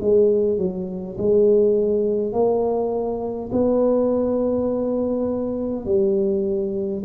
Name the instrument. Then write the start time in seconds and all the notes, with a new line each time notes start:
tuba
0.00 G#3
0.58 F#3
1.18 G#3
2.33 A#3
3.52 B3
5.85 G3